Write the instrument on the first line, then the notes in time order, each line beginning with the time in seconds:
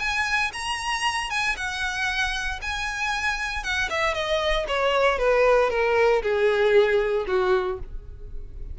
violin
0.00 G#5
0.54 A#5
1.30 G#5
1.57 F#5
2.62 G#5
3.64 F#5
3.90 E5
4.15 D#5
4.68 C#5
5.19 B4
5.71 A#4
6.23 G#4
7.28 F#4